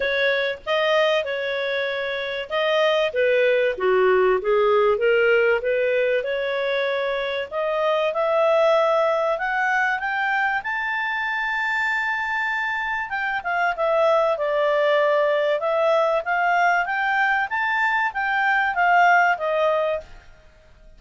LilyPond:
\new Staff \with { instrumentName = "clarinet" } { \time 4/4 \tempo 4 = 96 cis''4 dis''4 cis''2 | dis''4 b'4 fis'4 gis'4 | ais'4 b'4 cis''2 | dis''4 e''2 fis''4 |
g''4 a''2.~ | a''4 g''8 f''8 e''4 d''4~ | d''4 e''4 f''4 g''4 | a''4 g''4 f''4 dis''4 | }